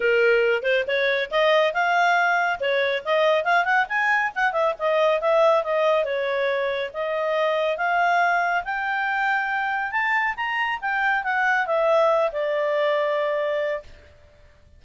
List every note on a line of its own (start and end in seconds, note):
0.00 0.62 A#4
0.62 0.84 C5
0.87 1.30 C#5
1.30 1.73 D#5
1.73 2.59 F5
2.59 3.03 C#5
3.04 3.44 D#5
3.44 3.64 F5
3.64 3.86 F#5
3.88 4.32 G#5
4.35 4.52 F#5
4.52 4.73 E5
4.78 5.20 D#5
5.20 5.63 E5
5.63 6.04 D#5
6.04 6.90 C#5
6.93 7.77 D#5
7.77 8.63 F5
8.64 9.91 G5
9.91 10.34 A5
10.36 10.79 A#5
10.81 11.23 G5
11.23 11.66 F#5
11.66 12.31 E5
12.32 13.83 D5